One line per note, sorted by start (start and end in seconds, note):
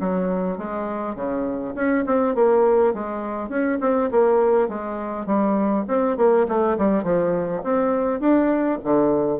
0.00 0.57 F#3
0.57 1.15 G#3
1.15 1.74 C#3
1.75 2.04 C#4
2.06 2.35 C4
2.35 2.94 A#3
2.94 3.49 G#3
3.49 3.78 C#4
3.80 4.10 C4
4.11 4.68 A#3
4.68 5.26 G#3
5.26 5.85 G3
5.88 6.17 C4
6.17 6.46 A#3
6.48 6.77 A3
6.78 7.03 G3
7.03 7.62 F3
7.64 8.20 C4
8.20 8.79 D4
8.84 9.39 D3